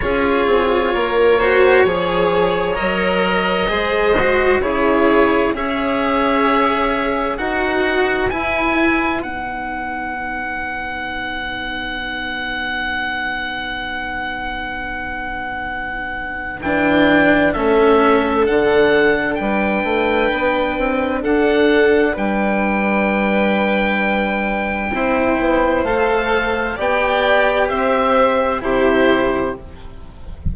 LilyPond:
<<
  \new Staff \with { instrumentName = "oboe" } { \time 4/4 \tempo 4 = 65 cis''2. dis''4~ | dis''4 cis''4 e''2 | fis''4 gis''4 fis''2~ | fis''1~ |
fis''2 g''4 e''4 | fis''4 g''2 fis''4 | g''1 | f''4 g''4 e''4 c''4 | }
  \new Staff \with { instrumentName = "violin" } { \time 4/4 gis'4 ais'8 c''8 cis''2 | c''4 gis'4 cis''2 | b'1~ | b'1~ |
b'2. a'4~ | a'4 b'2 a'4 | b'2. c''4~ | c''4 d''4 c''4 g'4 | }
  \new Staff \with { instrumentName = "cello" } { \time 4/4 f'4. fis'8 gis'4 ais'4 | gis'8 fis'8 e'4 gis'2 | fis'4 e'4 dis'2~ | dis'1~ |
dis'2 d'4 cis'4 | d'1~ | d'2. e'4 | a'4 g'2 e'4 | }
  \new Staff \with { instrumentName = "bassoon" } { \time 4/4 cis'8 c'8 ais4 f4 fis4 | gis4 cis4 cis'2 | dis'4 e'4 b2~ | b1~ |
b2 e4 a4 | d4 g8 a8 b8 c'8 d'4 | g2. c'8 b8 | a4 b4 c'4 c4 | }
>>